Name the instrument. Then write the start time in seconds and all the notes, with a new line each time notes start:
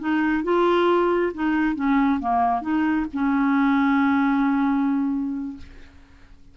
clarinet
0.00 D#4
0.44 F4
1.34 D#4
1.76 C#4
2.20 A#3
2.62 D#4
3.13 C#4